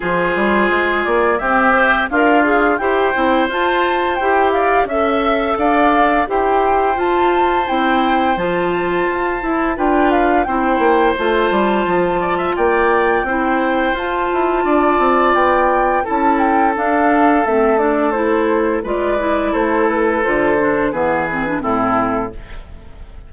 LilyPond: <<
  \new Staff \with { instrumentName = "flute" } { \time 4/4 \tempo 4 = 86 c''4. d''8 e''4 f''4 | g''4 a''4 g''8 f''8 e''4 | f''4 g''4 a''4 g''4 | a''2 g''8 f''8 g''4 |
a''2 g''2 | a''2 g''4 a''8 g''8 | f''4 e''8 d''8 c''4 d''4 | c''8 b'8 c''4 b'4 a'4 | }
  \new Staff \with { instrumentName = "oboe" } { \time 4/4 gis'2 g'4 f'4 | c''2~ c''8 d''8 e''4 | d''4 c''2.~ | c''2 b'4 c''4~ |
c''4. d''16 e''16 d''4 c''4~ | c''4 d''2 a'4~ | a'2. b'4 | a'2 gis'4 e'4 | }
  \new Staff \with { instrumentName = "clarinet" } { \time 4/4 f'2 c'8 c''8 ais'8 gis'8 | g'8 e'8 f'4 g'4 a'4~ | a'4 g'4 f'4 e'4 | f'4. e'8 f'4 e'4 |
f'2. e'4 | f'2. e'4 | d'4 c'8 d'8 e'4 f'8 e'8~ | e'4 f'8 d'8 b8 c'16 d'16 c'4 | }
  \new Staff \with { instrumentName = "bassoon" } { \time 4/4 f8 g8 gis8 ais8 c'4 d'4 | e'8 c'8 f'4 e'4 cis'4 | d'4 e'4 f'4 c'4 | f4 f'8 e'8 d'4 c'8 ais8 |
a8 g8 f4 ais4 c'4 | f'8 e'8 d'8 c'8 b4 cis'4 | d'4 a2 gis4 | a4 d4 e4 a,4 | }
>>